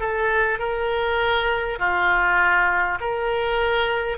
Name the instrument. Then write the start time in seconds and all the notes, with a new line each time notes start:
oboe
0.00 A4
0.59 A#4
1.79 F4
3.01 A#4